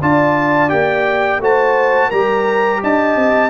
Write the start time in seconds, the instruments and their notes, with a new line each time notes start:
0.00 tuba D4, trombone F4, horn D5, trumpet A5
0.69 tuba A#3, trombone G4, trumpet G5
1.39 tuba A3, trombone F#4, horn C5, trumpet A5
2.08 tuba G3, trombone G4, horn A#4, trumpet A#5
2.83 tuba D4, horn D#5, trumpet A5
3.16 tuba C4